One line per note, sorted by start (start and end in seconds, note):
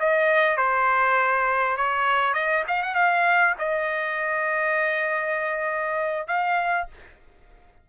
0.00 0.57 D#5
0.57 1.77 C5
1.77 2.34 C#5
2.34 2.64 D#5
2.68 2.83 F5
2.83 2.95 F#5
2.95 3.55 F5
3.59 6.28 D#5
6.28 6.88 F5